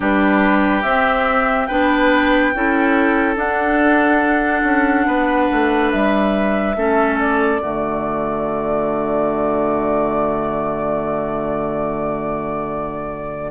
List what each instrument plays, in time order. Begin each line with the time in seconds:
0.00 bassoon G3, clarinet D4, oboe G4, flute B4
0.82 bassoon C4, clarinet C4, flute E5
1.66 bassoon B3, clarinet D4, oboe B4, flute G5
2.54 bassoon C#4, clarinet E4, oboe A4
3.36 bassoon D4, clarinet D4, flute F#5
4.63 bassoon C#4
5.06 bassoon B3, oboe B4
5.51 bassoon A3
5.91 bassoon G3, flute E5
6.76 bassoon A3, clarinet C#4, oboe A4
7.19 flute D5
7.60 bassoon D3, clarinet A3, oboe F#4